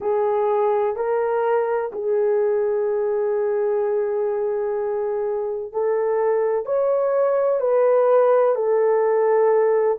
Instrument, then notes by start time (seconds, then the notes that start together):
horn
0.00 G#4
0.96 A#4
1.92 G#4
5.72 A4
6.65 C#5
7.60 B4
8.55 A4